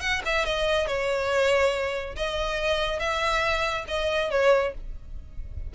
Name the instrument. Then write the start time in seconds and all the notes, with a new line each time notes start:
violin
0.00 F#5
0.25 E5
0.45 D#5
0.87 C#5
2.16 D#5
2.99 E5
3.87 D#5
4.31 C#5